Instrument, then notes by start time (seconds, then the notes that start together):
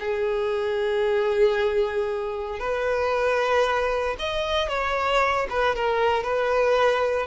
violin
0.00 G#4
2.60 B4
4.19 D#5
4.69 C#5
5.50 B4
5.76 A#4
6.24 B4